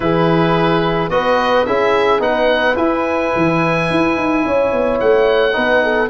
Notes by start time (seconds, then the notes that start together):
0.00 E3 E4 G#4 B4
1.08 B3 F#4 B4 D#5
1.65 C#4 E4 G#4 E5
2.19 B3 D#4 B4 F#5
2.75 E4 G#5
3.36 E3
3.90 E4
4.16 D#4
4.45 C#4 C#5
4.72 B3
4.99 A3 F#5
5.52 B3 D#4 B4
5.83 A4